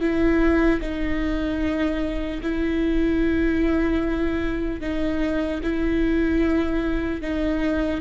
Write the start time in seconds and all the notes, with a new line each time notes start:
0.00 E4
0.81 D#4
2.42 E4
4.80 D#4
5.63 E4
7.21 D#4